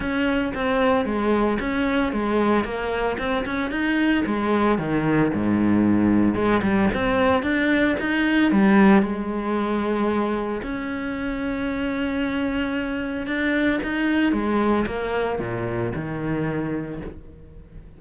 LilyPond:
\new Staff \with { instrumentName = "cello" } { \time 4/4 \tempo 4 = 113 cis'4 c'4 gis4 cis'4 | gis4 ais4 c'8 cis'8 dis'4 | gis4 dis4 gis,2 | gis8 g8 c'4 d'4 dis'4 |
g4 gis2. | cis'1~ | cis'4 d'4 dis'4 gis4 | ais4 ais,4 dis2 | }